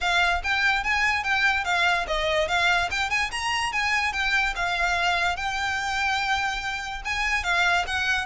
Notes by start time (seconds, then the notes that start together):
0.00 F5
0.43 G5
0.83 G#5
1.23 G5
1.64 F5
2.07 D#5
2.48 F5
2.90 G5
3.10 G#5
3.31 A#5
3.72 G#5
4.12 G5
4.55 F5
5.36 G5
7.04 G#5
7.43 F5
7.86 F#5